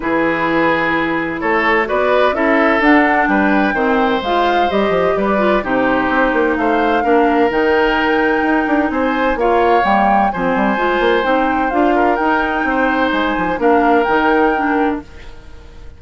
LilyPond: <<
  \new Staff \with { instrumentName = "flute" } { \time 4/4 \tempo 4 = 128 b'2. cis''4 | d''4 e''4 fis''4 g''4~ | g''4 f''4 dis''4 d''4 | c''2 f''2 |
g''2. gis''4 | f''4 g''4 gis''2 | g''4 f''4 g''2 | gis''4 f''4 g''2 | }
  \new Staff \with { instrumentName = "oboe" } { \time 4/4 gis'2. a'4 | b'4 a'2 b'4 | c''2. b'4 | g'2 c''4 ais'4~ |
ais'2. c''4 | cis''2 c''2~ | c''4. ais'4. c''4~ | c''4 ais'2. | }
  \new Staff \with { instrumentName = "clarinet" } { \time 4/4 e'1 | fis'4 e'4 d'2 | c'4 f'4 g'4. f'8 | dis'2. d'4 |
dis'1 | f'4 ais4 c'4 f'4 | dis'4 f'4 dis'2~ | dis'4 d'4 dis'4 d'4 | }
  \new Staff \with { instrumentName = "bassoon" } { \time 4/4 e2. a4 | b4 cis'4 d'4 g4 | dis4 gis4 g8 f8 g4 | c4 c'8 ais8 a4 ais4 |
dis2 dis'8 d'8 c'4 | ais4 g4 f8 g8 gis8 ais8 | c'4 d'4 dis'4 c'4 | gis8 f8 ais4 dis2 | }
>>